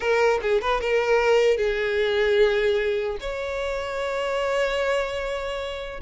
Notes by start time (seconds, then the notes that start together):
0.00 A#4
0.42 G#4
0.61 B4
0.81 A#4
1.57 G#4
3.20 C#5